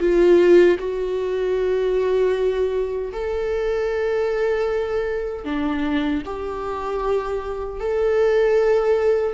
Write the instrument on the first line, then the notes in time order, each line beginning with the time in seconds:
viola
0.00 F4
0.79 F#4
3.13 A4
5.45 D4
6.26 G4
7.80 A4